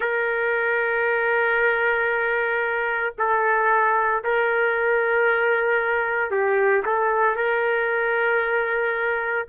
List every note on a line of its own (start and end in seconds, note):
0.00 3.13 A#4
3.18 4.23 A4
4.23 6.31 A#4
6.31 6.83 G4
6.85 7.36 A4
7.36 9.46 A#4